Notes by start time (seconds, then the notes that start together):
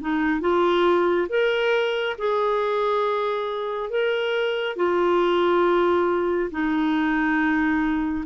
0.00 D#4
0.40 F4
1.29 A#4
2.18 G#4
3.89 A#4
4.76 F4
6.51 D#4